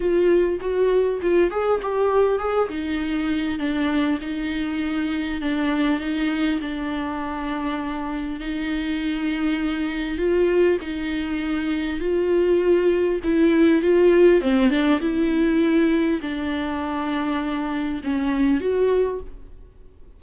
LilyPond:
\new Staff \with { instrumentName = "viola" } { \time 4/4 \tempo 4 = 100 f'4 fis'4 f'8 gis'8 g'4 | gis'8 dis'4. d'4 dis'4~ | dis'4 d'4 dis'4 d'4~ | d'2 dis'2~ |
dis'4 f'4 dis'2 | f'2 e'4 f'4 | c'8 d'8 e'2 d'4~ | d'2 cis'4 fis'4 | }